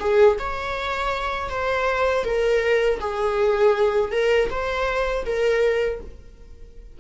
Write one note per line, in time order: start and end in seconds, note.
0.00 0.38 G#4
0.39 1.50 C#5
1.50 2.25 C5
2.25 3.00 A#4
3.00 4.12 G#4
4.12 4.50 A#4
4.50 5.25 C5
5.26 6.01 A#4